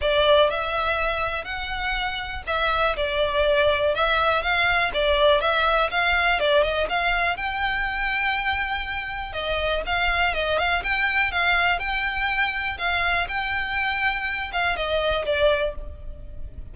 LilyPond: \new Staff \with { instrumentName = "violin" } { \time 4/4 \tempo 4 = 122 d''4 e''2 fis''4~ | fis''4 e''4 d''2 | e''4 f''4 d''4 e''4 | f''4 d''8 dis''8 f''4 g''4~ |
g''2. dis''4 | f''4 dis''8 f''8 g''4 f''4 | g''2 f''4 g''4~ | g''4. f''8 dis''4 d''4 | }